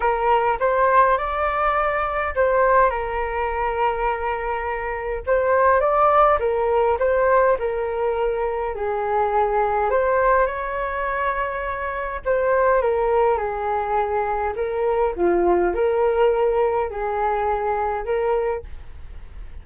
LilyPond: \new Staff \with { instrumentName = "flute" } { \time 4/4 \tempo 4 = 103 ais'4 c''4 d''2 | c''4 ais'2.~ | ais'4 c''4 d''4 ais'4 | c''4 ais'2 gis'4~ |
gis'4 c''4 cis''2~ | cis''4 c''4 ais'4 gis'4~ | gis'4 ais'4 f'4 ais'4~ | ais'4 gis'2 ais'4 | }